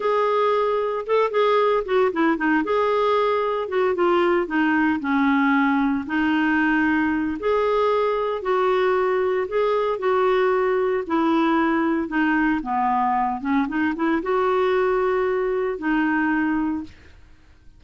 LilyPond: \new Staff \with { instrumentName = "clarinet" } { \time 4/4 \tempo 4 = 114 gis'2 a'8 gis'4 fis'8 | e'8 dis'8 gis'2 fis'8 f'8~ | f'8 dis'4 cis'2 dis'8~ | dis'2 gis'2 |
fis'2 gis'4 fis'4~ | fis'4 e'2 dis'4 | b4. cis'8 dis'8 e'8 fis'4~ | fis'2 dis'2 | }